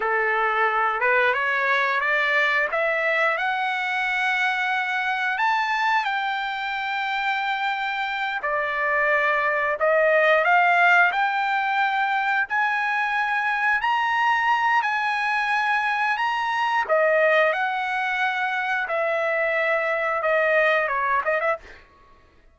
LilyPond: \new Staff \with { instrumentName = "trumpet" } { \time 4/4 \tempo 4 = 89 a'4. b'8 cis''4 d''4 | e''4 fis''2. | a''4 g''2.~ | g''8 d''2 dis''4 f''8~ |
f''8 g''2 gis''4.~ | gis''8 ais''4. gis''2 | ais''4 dis''4 fis''2 | e''2 dis''4 cis''8 dis''16 e''16 | }